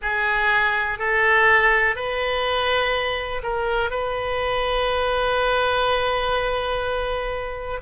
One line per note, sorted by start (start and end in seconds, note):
0.02 0.98 G#4
0.98 1.95 A4
1.95 3.41 B4
3.43 3.90 A#4
3.90 7.80 B4